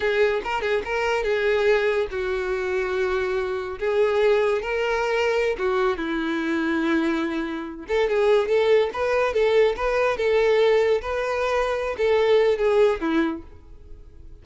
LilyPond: \new Staff \with { instrumentName = "violin" } { \time 4/4 \tempo 4 = 143 gis'4 ais'8 gis'8 ais'4 gis'4~ | gis'4 fis'2.~ | fis'4 gis'2 ais'4~ | ais'4~ ais'16 fis'4 e'4.~ e'16~ |
e'2~ e'8. a'8 gis'8.~ | gis'16 a'4 b'4 a'4 b'8.~ | b'16 a'2 b'4.~ b'16~ | b'8 a'4. gis'4 e'4 | }